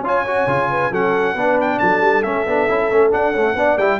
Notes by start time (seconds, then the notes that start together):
0.00 C#4 F4 C#5
0.07 G#5
0.27 F#4
0.47 C#3 F4
0.70 B4
0.91 F#3 C#4 A4 F#5
1.34 B3 D4 B4
1.60 G5
1.78 F#3 A4 A5
2.01 G3
2.22 A3 C#4 E5
2.46 B3 D4
2.68 C#4 E4
2.90 A3 C#4
3.10 D4 F#5
3.31 A3 C#4
3.55 B3 D4 D5
3.77 G3 E4 G5